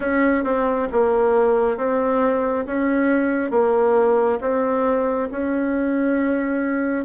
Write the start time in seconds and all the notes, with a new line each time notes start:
0.00 C#4
0.44 C4
0.91 A#3
1.77 C4
2.66 C#4
3.51 A#3
4.40 C4
5.31 C#4